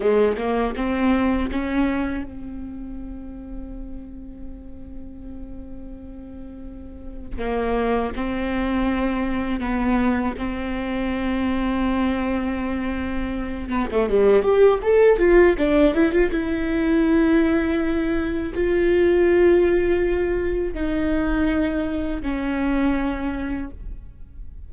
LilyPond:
\new Staff \with { instrumentName = "viola" } { \time 4/4 \tempo 4 = 81 gis8 ais8 c'4 cis'4 c'4~ | c'1~ | c'2 ais4 c'4~ | c'4 b4 c'2~ |
c'2~ c'8 b16 a16 g8 g'8 | a'8 f'8 d'8 e'16 f'16 e'2~ | e'4 f'2. | dis'2 cis'2 | }